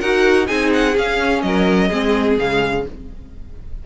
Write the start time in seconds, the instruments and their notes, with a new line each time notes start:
0.00 cello D#4, viola F#4, violin A#4 F#5
0.46 cello C4, viola D#4, violin G#4 G#5
0.74 violin F#5
0.96 viola C#4, cello C#4, violin F5
1.42 cello F#3, violin A#4 D#5
1.89 cello G#3, viola C4, violin G#4
2.38 cello C#3, viola G#3, violin F5